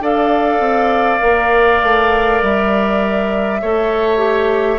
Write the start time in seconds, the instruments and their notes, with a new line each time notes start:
0.00 bassoon D4, clarinet A4, oboe D5, flute F5
0.59 bassoon C4
1.19 bassoon A#3, clarinet A#4
1.82 bassoon A3
2.42 bassoon G3, flute E5
3.62 bassoon A3, clarinet A4, oboe C#5
4.17 clarinet G4